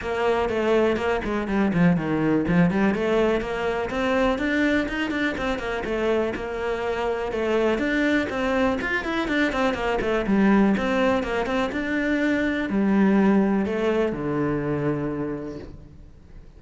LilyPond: \new Staff \with { instrumentName = "cello" } { \time 4/4 \tempo 4 = 123 ais4 a4 ais8 gis8 g8 f8 | dis4 f8 g8 a4 ais4 | c'4 d'4 dis'8 d'8 c'8 ais8 | a4 ais2 a4 |
d'4 c'4 f'8 e'8 d'8 c'8 | ais8 a8 g4 c'4 ais8 c'8 | d'2 g2 | a4 d2. | }